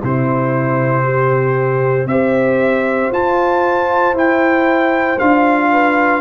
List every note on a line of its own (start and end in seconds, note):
0.00 2.06 C3
0.00 2.10 C4
0.00 1.03 E4
0.00 2.08 C5
1.04 2.08 G4
2.06 3.09 C4
2.06 3.13 G4
2.06 5.72 C5
2.06 3.11 E5
3.12 4.14 F4
3.12 4.17 A5
4.14 5.18 E4
4.14 5.19 G5
5.19 6.21 D4
5.19 6.21 F4
5.19 6.21 F5
5.72 6.21 B4